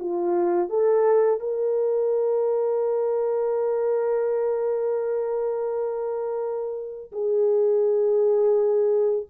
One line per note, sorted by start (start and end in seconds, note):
0.00 0.69 F4
0.69 1.41 A4
1.41 7.12 A#4
7.12 9.27 G#4